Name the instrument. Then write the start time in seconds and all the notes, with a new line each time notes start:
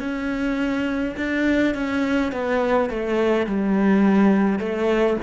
cello
0.00 C#4
1.17 D4
1.75 C#4
2.32 B3
2.90 A3
3.47 G3
4.59 A3